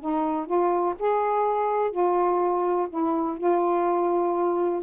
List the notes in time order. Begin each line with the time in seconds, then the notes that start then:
0.00 D#4
0.46 F4
0.99 G#4
1.91 F4
2.90 E4
3.38 F4